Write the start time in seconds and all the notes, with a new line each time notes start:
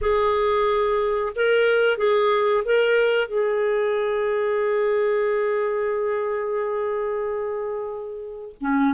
0.01 G#4
1.35 A#4
1.98 G#4
2.65 A#4
3.28 G#4
8.60 C#4